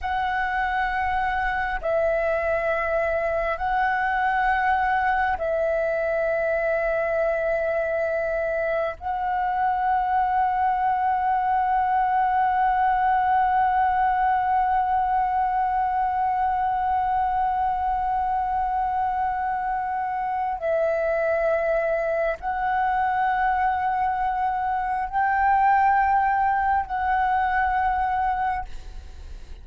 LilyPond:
\new Staff \with { instrumentName = "flute" } { \time 4/4 \tempo 4 = 67 fis''2 e''2 | fis''2 e''2~ | e''2 fis''2~ | fis''1~ |
fis''1~ | fis''2. e''4~ | e''4 fis''2. | g''2 fis''2 | }